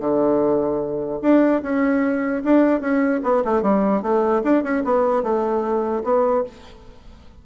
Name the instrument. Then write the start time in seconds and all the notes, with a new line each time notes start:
bassoon
0.00 D3
1.22 D4
1.63 C#4
2.45 D4
2.81 C#4
3.24 B3
3.45 A3
3.62 G3
4.03 A3
4.44 D4
4.64 C#4
4.84 B3
5.23 A3
6.04 B3